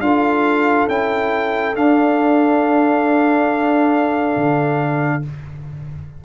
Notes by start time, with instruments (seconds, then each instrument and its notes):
0.00 tuba D4, trombone F4, horn A4, trumpet F5
0.87 tuba C#4, trombone E4, trumpet G5
1.74 tuba D4, trombone D4, trumpet F5
4.36 tuba D3